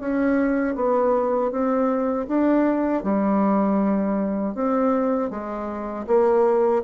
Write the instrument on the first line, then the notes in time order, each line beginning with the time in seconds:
bassoon
0.00 C#4
0.76 B3
1.51 C4
2.28 D4
3.03 G3
4.55 C4
5.30 G#3
6.07 A#3